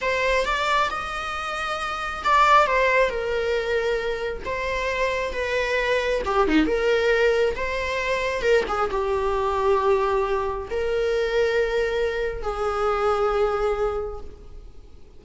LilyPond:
\new Staff \with { instrumentName = "viola" } { \time 4/4 \tempo 4 = 135 c''4 d''4 dis''2~ | dis''4 d''4 c''4 ais'4~ | ais'2 c''2 | b'2 g'8 dis'8 ais'4~ |
ais'4 c''2 ais'8 gis'8 | g'1 | ais'1 | gis'1 | }